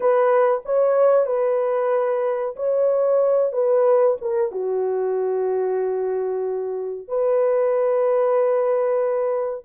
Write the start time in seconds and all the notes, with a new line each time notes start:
0.00 B4
0.65 C#5
1.26 B4
2.56 C#5
3.52 B4
4.21 A#4
4.51 F#4
7.08 B4